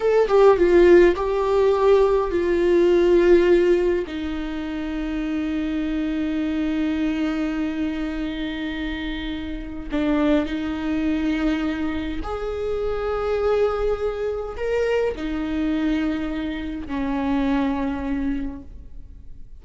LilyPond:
\new Staff \with { instrumentName = "viola" } { \time 4/4 \tempo 4 = 103 a'8 g'8 f'4 g'2 | f'2. dis'4~ | dis'1~ | dis'1~ |
dis'4 d'4 dis'2~ | dis'4 gis'2.~ | gis'4 ais'4 dis'2~ | dis'4 cis'2. | }